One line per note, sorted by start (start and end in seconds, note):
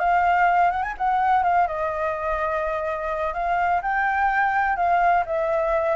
0.00 0.71 F5
0.71 0.83 F#5
0.83 0.95 G#5
0.98 1.44 F#5
1.44 1.68 F5
1.68 3.34 D#5
3.34 3.82 F5
3.82 4.77 G5
4.77 5.25 F5
5.26 5.96 E5